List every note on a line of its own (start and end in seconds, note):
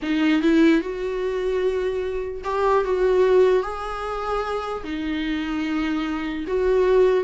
0.02 0.42 D#4
0.42 0.81 E4
0.81 2.42 F#4
2.44 2.84 G4
2.84 3.62 F#4
3.62 4.83 G#4
4.84 6.45 D#4
6.47 7.23 F#4